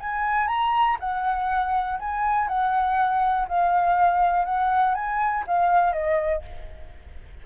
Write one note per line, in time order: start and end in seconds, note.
0.00 0.48 G#5
0.48 0.97 A#5
1.00 1.99 F#5
1.99 2.48 G#5
2.48 3.47 F#5
3.48 4.45 F5
4.45 4.95 F#5
4.95 5.45 G#5
5.47 5.93 F5
5.93 6.42 D#5